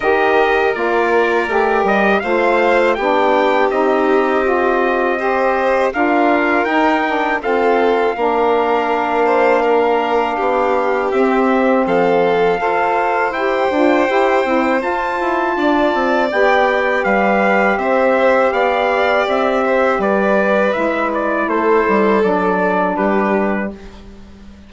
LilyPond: <<
  \new Staff \with { instrumentName = "trumpet" } { \time 4/4 \tempo 4 = 81 dis''4 d''4. dis''8 f''4 | g''4 dis''2. | f''4 g''4 f''2~ | f''2. e''4 |
f''2 g''2 | a''2 g''4 f''4 | e''4 f''4 e''4 d''4 | e''8 d''8 c''4 d''4 b'4 | }
  \new Staff \with { instrumentName = "violin" } { \time 4/4 ais'2. c''4 | g'2. c''4 | ais'2 a'4 ais'4~ | ais'8 c''8 ais'4 g'2 |
a'4 c''2.~ | c''4 d''2 b'4 | c''4 d''4. c''8 b'4~ | b'4 a'2 g'4 | }
  \new Staff \with { instrumentName = "saxophone" } { \time 4/4 g'4 f'4 g'4 f'4 | d'4 dis'4 f'4 g'4 | f'4 dis'8 d'8 c'4 d'4~ | d'2. c'4~ |
c'4 a'4 g'8 f'8 g'8 e'8 | f'2 g'2~ | g'1 | e'2 d'2 | }
  \new Staff \with { instrumentName = "bassoon" } { \time 4/4 dis4 ais4 a8 g8 a4 | b4 c'2. | d'4 dis'4 f'4 ais4~ | ais2 b4 c'4 |
f4 f'4 e'8 d'8 e'8 c'8 | f'8 e'8 d'8 c'8 b4 g4 | c'4 b4 c'4 g4 | gis4 a8 g8 fis4 g4 | }
>>